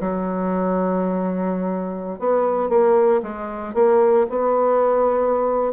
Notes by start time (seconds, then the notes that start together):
0.00 F#3
2.19 B3
2.69 A#3
3.23 G#3
3.74 A#3
4.29 B3